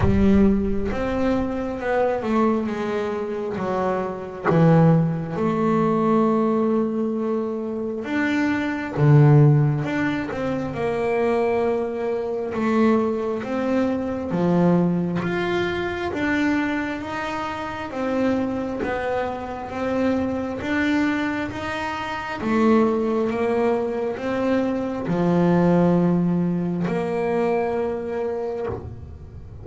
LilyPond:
\new Staff \with { instrumentName = "double bass" } { \time 4/4 \tempo 4 = 67 g4 c'4 b8 a8 gis4 | fis4 e4 a2~ | a4 d'4 d4 d'8 c'8 | ais2 a4 c'4 |
f4 f'4 d'4 dis'4 | c'4 b4 c'4 d'4 | dis'4 a4 ais4 c'4 | f2 ais2 | }